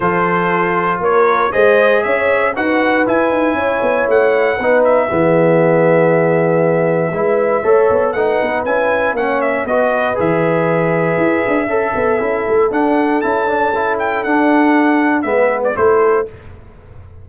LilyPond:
<<
  \new Staff \with { instrumentName = "trumpet" } { \time 4/4 \tempo 4 = 118 c''2 cis''4 dis''4 | e''4 fis''4 gis''2 | fis''4. e''2~ e''8~ | e''1 |
fis''4 gis''4 fis''8 e''8 dis''4 | e''1~ | e''4 fis''4 a''4. g''8 | fis''2 e''8. d''16 c''4 | }
  \new Staff \with { instrumentName = "horn" } { \time 4/4 a'2 ais'4 c''4 | cis''4 b'2 cis''4~ | cis''4 b'4 gis'2~ | gis'2 b'4 cis''4 |
b'2 cis''4 b'4~ | b'2. a'4~ | a'1~ | a'2 b'4 a'4 | }
  \new Staff \with { instrumentName = "trombone" } { \time 4/4 f'2. gis'4~ | gis'4 fis'4 e'2~ | e'4 dis'4 b2~ | b2 e'4 a'4 |
dis'4 e'4 cis'4 fis'4 | gis'2. a'4 | e'4 d'4 e'8 d'8 e'4 | d'2 b4 e'4 | }
  \new Staff \with { instrumentName = "tuba" } { \time 4/4 f2 ais4 gis4 | cis'4 dis'4 e'8 dis'8 cis'8 b8 | a4 b4 e2~ | e2 gis4 a8 b8 |
a8 b8 cis'4 ais4 b4 | e2 e'8 d'8 cis'8 b8 | cis'8 a8 d'4 cis'2 | d'2 gis4 a4 | }
>>